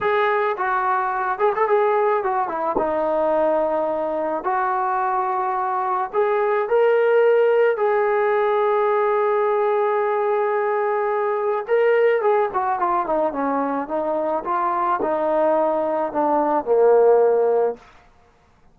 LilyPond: \new Staff \with { instrumentName = "trombone" } { \time 4/4 \tempo 4 = 108 gis'4 fis'4. gis'16 a'16 gis'4 | fis'8 e'8 dis'2. | fis'2. gis'4 | ais'2 gis'2~ |
gis'1~ | gis'4 ais'4 gis'8 fis'8 f'8 dis'8 | cis'4 dis'4 f'4 dis'4~ | dis'4 d'4 ais2 | }